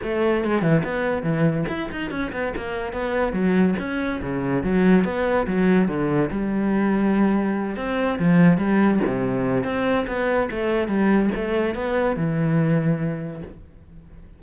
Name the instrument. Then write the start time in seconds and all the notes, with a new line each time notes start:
cello
0.02 A3
0.44 G#3
0.61 E3
0.84 B3
1.22 E3
1.68 E4
1.91 D#4
2.10 C#4
2.32 B3
2.56 A#3
2.93 B3
3.32 F#3
3.79 C#4
4.21 C#3
4.63 F#3
5.04 B3
5.46 F#3
5.88 D3
6.30 G3
7.76 C4
8.18 F3
8.57 G3
9.06 C3
9.64 C4
10.07 B3
10.50 A3
10.87 G3
11.35 A3
11.74 B3
12.16 E3